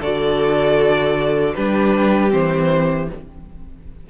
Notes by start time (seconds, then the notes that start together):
0.00 D3 F#4 A4 D5
1.55 G3 D4 G4 B4
2.30 E3 C4 C5